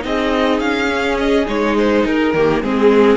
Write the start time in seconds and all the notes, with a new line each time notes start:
0.00 C4 D#4 G#4 D#5
0.60 C#4 F5
0.89 C#4
1.18 D#5
1.47 G#3 D#4 C#5
1.78 C5
2.06 D#4 A#4
2.34 D#3 A#3 G4
2.63 G#3 C4 G#4